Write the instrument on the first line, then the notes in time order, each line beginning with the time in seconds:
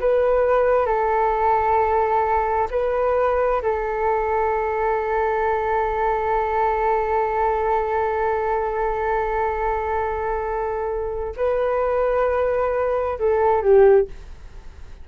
flute
0.00 B4
0.86 A4
2.70 B4
3.62 A4
11.36 B4
13.19 A4
13.62 G4